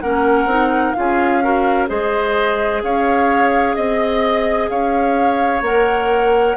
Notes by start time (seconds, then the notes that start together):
0.00 A#3 C#4 A#4 F#5
0.45 C4 D#4
0.92 C#4 F4 F5
0.99 G#4
1.43 F#4 A#4
1.87 G#3 G#4 C5 D#5
2.83 C#4 C#5 F5
3.74 C4 D#5
4.69 C#4 C#5 F5
5.61 A#3 A#4 F#5